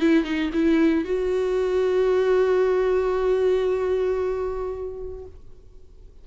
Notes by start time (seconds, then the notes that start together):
0.00 E4
0.24 D#4
0.53 E4
1.04 F#4